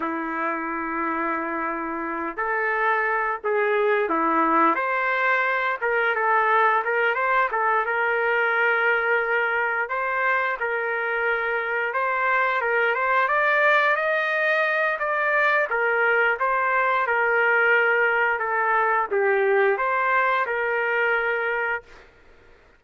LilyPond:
\new Staff \with { instrumentName = "trumpet" } { \time 4/4 \tempo 4 = 88 e'2.~ e'8 a'8~ | a'4 gis'4 e'4 c''4~ | c''8 ais'8 a'4 ais'8 c''8 a'8 ais'8~ | ais'2~ ais'8 c''4 ais'8~ |
ais'4. c''4 ais'8 c''8 d''8~ | d''8 dis''4. d''4 ais'4 | c''4 ais'2 a'4 | g'4 c''4 ais'2 | }